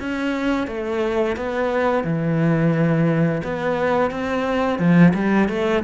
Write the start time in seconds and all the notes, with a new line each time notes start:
0.00 C#4
0.68 A3
1.37 B3
2.04 E3
3.44 B3
4.11 C4
4.79 F3
5.15 G3
5.49 A3